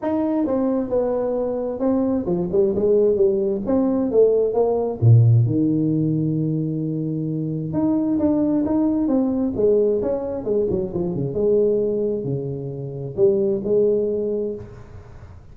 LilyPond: \new Staff \with { instrumentName = "tuba" } { \time 4/4 \tempo 4 = 132 dis'4 c'4 b2 | c'4 f8 g8 gis4 g4 | c'4 a4 ais4 ais,4 | dis1~ |
dis4 dis'4 d'4 dis'4 | c'4 gis4 cis'4 gis8 fis8 | f8 cis8 gis2 cis4~ | cis4 g4 gis2 | }